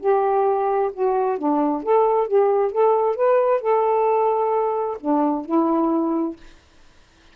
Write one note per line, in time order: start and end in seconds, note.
0.00 0.91 G4
0.93 1.38 F#4
1.38 1.83 D4
1.83 2.27 A4
2.27 2.72 G4
2.72 3.16 A4
3.16 3.61 B4
3.61 4.97 A4
5.00 5.45 D4
5.45 6.36 E4